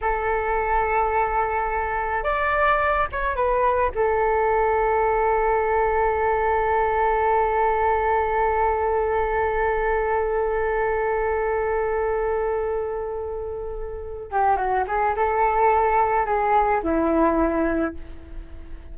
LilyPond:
\new Staff \with { instrumentName = "flute" } { \time 4/4 \tempo 4 = 107 a'1 | d''4. cis''8 b'4 a'4~ | a'1~ | a'1~ |
a'1~ | a'1~ | a'4. g'8 fis'8 gis'8 a'4~ | a'4 gis'4 e'2 | }